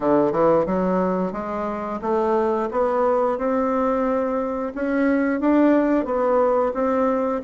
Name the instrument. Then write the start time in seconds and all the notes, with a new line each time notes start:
bassoon
0.00 D3
0.32 E3
0.66 F#3
1.32 G#3
2.01 A3
2.71 B3
3.37 C4
4.74 C#4
5.40 D4
6.05 B3
6.74 C4